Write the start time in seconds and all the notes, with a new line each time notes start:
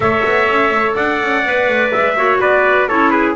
0.00 A3 A4 C#5 E5
0.24 B3
0.48 C#4
0.70 A3
0.95 D4 D5 F#5
1.21 C#4
1.44 B3 B4
1.68 A3
1.91 G#3 E5
2.14 A#3 F#4 C#5
2.40 B3 B4 D5
2.88 C#4 E4 A4 C#5
3.10 G#4 B4